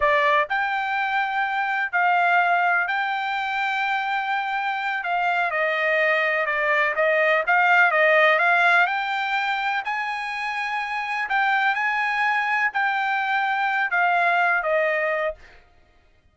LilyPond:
\new Staff \with { instrumentName = "trumpet" } { \time 4/4 \tempo 4 = 125 d''4 g''2. | f''2 g''2~ | g''2~ g''8 f''4 dis''8~ | dis''4. d''4 dis''4 f''8~ |
f''8 dis''4 f''4 g''4.~ | g''8 gis''2. g''8~ | g''8 gis''2 g''4.~ | g''4 f''4. dis''4. | }